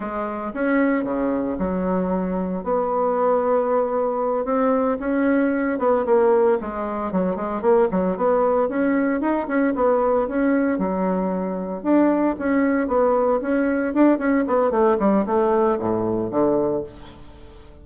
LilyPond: \new Staff \with { instrumentName = "bassoon" } { \time 4/4 \tempo 4 = 114 gis4 cis'4 cis4 fis4~ | fis4 b2.~ | b8 c'4 cis'4. b8 ais8~ | ais8 gis4 fis8 gis8 ais8 fis8 b8~ |
b8 cis'4 dis'8 cis'8 b4 cis'8~ | cis'8 fis2 d'4 cis'8~ | cis'8 b4 cis'4 d'8 cis'8 b8 | a8 g8 a4 a,4 d4 | }